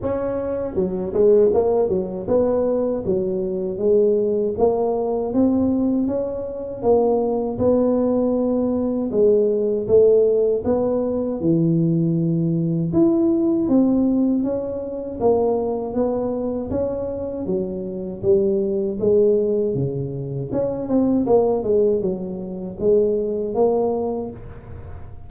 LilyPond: \new Staff \with { instrumentName = "tuba" } { \time 4/4 \tempo 4 = 79 cis'4 fis8 gis8 ais8 fis8 b4 | fis4 gis4 ais4 c'4 | cis'4 ais4 b2 | gis4 a4 b4 e4~ |
e4 e'4 c'4 cis'4 | ais4 b4 cis'4 fis4 | g4 gis4 cis4 cis'8 c'8 | ais8 gis8 fis4 gis4 ais4 | }